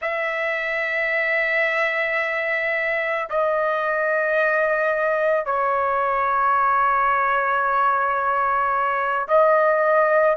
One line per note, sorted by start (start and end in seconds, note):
0.01 3.28 E5
3.29 5.45 D#5
5.45 9.27 C#5
9.28 10.37 D#5